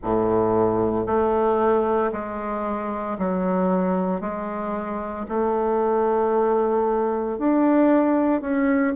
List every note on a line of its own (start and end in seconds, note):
0.02 1.06 A2
1.06 2.11 A3
2.12 3.17 G#3
3.18 4.21 F#3
4.21 5.26 G#3
5.28 7.38 A3
7.38 8.41 D4
8.41 8.93 C#4